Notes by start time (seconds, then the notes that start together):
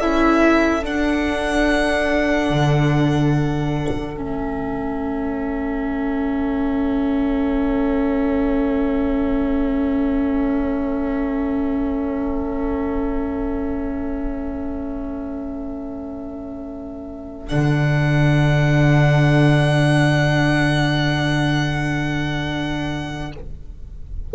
0.00 C#4 E4 A4 E5
0.82 D4 F#5
2.50 D3
4.16 A3 C#4 E5
17.48 D3 D4 F#5